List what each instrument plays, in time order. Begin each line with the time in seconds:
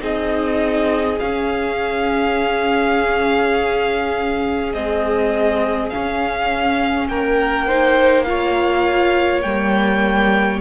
0.00 cello C4, viola D#4, violin G#4 D#5
1.19 viola C#4, cello C#4, violin F5
4.73 viola G#3, cello C4, violin D#5
5.90 viola C#4, cello C#4, violin F5
7.08 cello A#3, violin A#4 G5
7.67 viola D#4, violin C5
8.24 viola F4, violin C#5 F5
9.42 cello G3, viola A#3, violin G5